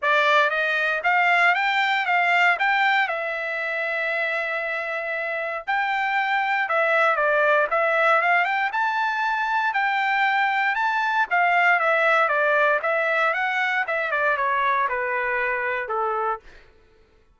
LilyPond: \new Staff \with { instrumentName = "trumpet" } { \time 4/4 \tempo 4 = 117 d''4 dis''4 f''4 g''4 | f''4 g''4 e''2~ | e''2. g''4~ | g''4 e''4 d''4 e''4 |
f''8 g''8 a''2 g''4~ | g''4 a''4 f''4 e''4 | d''4 e''4 fis''4 e''8 d''8 | cis''4 b'2 a'4 | }